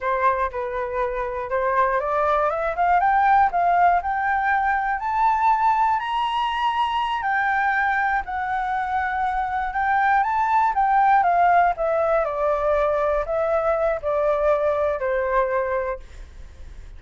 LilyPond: \new Staff \with { instrumentName = "flute" } { \time 4/4 \tempo 4 = 120 c''4 b'2 c''4 | d''4 e''8 f''8 g''4 f''4 | g''2 a''2 | ais''2~ ais''8 g''4.~ |
g''8 fis''2. g''8~ | g''8 a''4 g''4 f''4 e''8~ | e''8 d''2 e''4. | d''2 c''2 | }